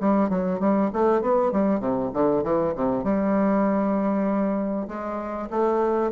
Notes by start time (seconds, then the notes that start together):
0.00 G3
0.29 F#3
0.60 G3
0.93 A3
1.21 B3
1.52 G3
1.80 C3
2.13 D3
2.44 E3
2.75 C3
3.04 G3
4.88 G#3
5.50 A3